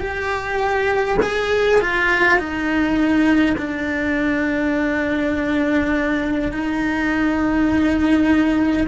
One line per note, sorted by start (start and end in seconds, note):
0.00 1.18 G4
1.22 1.81 G#4
1.81 2.39 F4
2.39 3.56 D#4
3.58 6.52 D4
6.52 8.87 D#4